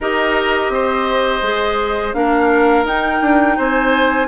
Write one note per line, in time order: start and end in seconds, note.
0.00 0.69 D#4
0.00 1.43 G4
0.00 0.72 A#4
0.00 2.13 D#5
0.69 1.40 C4
0.69 2.16 C5
1.42 2.13 G#3
1.42 2.14 G#4
2.13 2.84 A#3
2.13 2.85 D4
2.13 3.57 A#4
2.13 2.85 F5
2.84 3.20 D#4
2.84 4.27 D#4
2.84 3.58 G5
3.21 3.57 D4
3.57 4.27 C4
3.57 4.27 C5
3.57 4.27 G#5